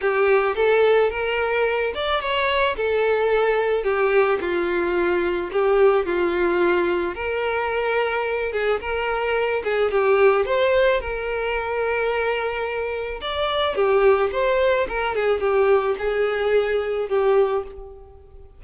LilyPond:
\new Staff \with { instrumentName = "violin" } { \time 4/4 \tempo 4 = 109 g'4 a'4 ais'4. d''8 | cis''4 a'2 g'4 | f'2 g'4 f'4~ | f'4 ais'2~ ais'8 gis'8 |
ais'4. gis'8 g'4 c''4 | ais'1 | d''4 g'4 c''4 ais'8 gis'8 | g'4 gis'2 g'4 | }